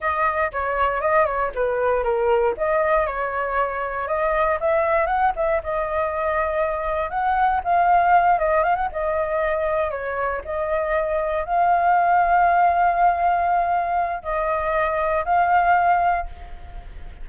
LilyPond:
\new Staff \with { instrumentName = "flute" } { \time 4/4 \tempo 4 = 118 dis''4 cis''4 dis''8 cis''8 b'4 | ais'4 dis''4 cis''2 | dis''4 e''4 fis''8 e''8 dis''4~ | dis''2 fis''4 f''4~ |
f''8 dis''8 f''16 fis''16 dis''2 cis''8~ | cis''8 dis''2 f''4.~ | f''1 | dis''2 f''2 | }